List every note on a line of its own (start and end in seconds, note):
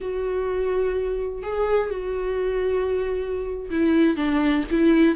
0.00 1.42 F#4
1.42 1.89 G#4
1.89 3.69 F#4
3.70 4.16 E4
4.16 4.64 D4
4.71 5.15 E4